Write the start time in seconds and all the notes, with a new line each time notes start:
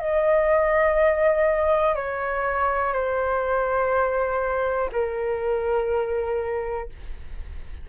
0.00 D#5
1.95 C#5
2.93 C5
4.93 A#4